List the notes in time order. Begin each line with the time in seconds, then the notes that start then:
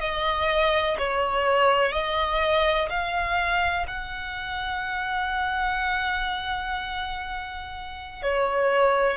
0.00 D#5
0.98 C#5
1.92 D#5
2.89 F5
3.88 F#5
8.23 C#5